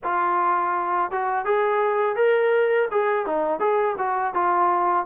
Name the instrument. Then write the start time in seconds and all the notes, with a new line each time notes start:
trombone
0.03 F4
1.11 F#4
1.45 G#4
2.16 A#4
2.91 G#4
3.26 D#4
3.59 G#4
3.98 F#4
4.33 F4